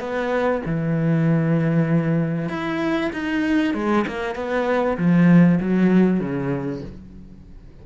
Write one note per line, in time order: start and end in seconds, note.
0.00 0.62 B3
0.66 2.49 E3
2.49 3.11 E4
3.13 3.74 D#4
3.74 4.05 G#3
4.07 4.35 A#3
4.35 4.97 B3
4.97 5.59 F3
5.61 6.20 F#3
6.20 6.82 C#3